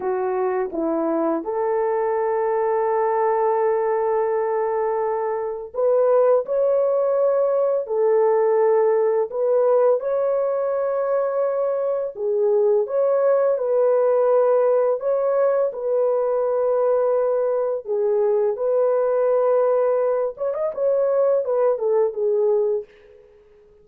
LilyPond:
\new Staff \with { instrumentName = "horn" } { \time 4/4 \tempo 4 = 84 fis'4 e'4 a'2~ | a'1 | b'4 cis''2 a'4~ | a'4 b'4 cis''2~ |
cis''4 gis'4 cis''4 b'4~ | b'4 cis''4 b'2~ | b'4 gis'4 b'2~ | b'8 cis''16 dis''16 cis''4 b'8 a'8 gis'4 | }